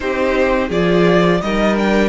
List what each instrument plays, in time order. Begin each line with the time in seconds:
0.00 cello C4, viola D#4, violin G4 C5
0.68 cello F3, viola F4, violin G#4 D5
1.41 cello G3, viola D#4, violin A#4 D#5
1.76 viola D4, violin G5